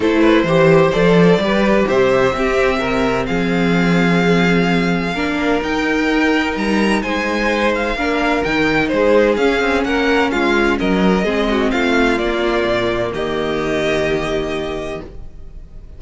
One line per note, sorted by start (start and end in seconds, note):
0.00 0.43 A3
0.00 0.46 E4
0.00 0.21 A4
0.00 0.91 C5
0.21 0.44 B4
0.43 0.90 E3
0.43 0.93 G4
0.43 1.42 C5
0.91 1.37 F3
0.91 1.40 A4
0.91 1.85 D5
1.37 1.84 G3
1.37 2.34 G4
1.44 1.88 B4
1.88 2.32 C3
1.88 2.35 C5
1.88 3.26 E5
2.32 2.79 C4
2.32 5.16 C4
2.32 2.79 G4
2.79 3.28 C3
2.79 3.25 A#4
3.26 5.13 F3
3.26 5.14 G#4
3.26 5.60 F5
5.13 5.60 A#3
5.13 5.62 D4
5.13 7.01 A#4
5.62 6.55 D#4
5.62 7.96 D#4
5.62 6.57 G5
6.56 7.03 G3
6.56 7.02 A#5
7.02 7.95 G#3
7.02 7.96 C5
7.02 7.72 G#5
7.74 8.43 F5
7.95 8.42 A#3
7.95 8.44 D4
7.95 8.90 A#4
8.43 8.91 D#3
8.43 9.39 D#4
8.43 8.88 G5
8.88 9.37 G#3
8.88 9.86 G#4
8.88 9.35 C5
9.36 9.60 C#4
9.36 11.25 C#4
9.36 9.83 F5
9.61 9.84 C4
9.84 10.31 A#3
9.84 10.32 A#4
9.84 10.30 F#5
10.30 10.79 G#3
10.30 10.78 F4
10.30 10.77 F5
10.78 11.24 F#3
10.78 11.24 A#4
10.78 11.71 D#5
11.24 11.71 G#3
11.24 12.19 C4
11.24 11.48 G#4
11.50 11.71 F#4
11.71 12.19 A3
11.71 13.12 F4
11.71 12.18 F5
12.18 12.64 A#3
12.18 15.00 A#3
12.18 13.11 D5
12.64 13.11 A#2
13.13 15.00 D#3
13.13 15.01 G4
13.13 15.01 D#5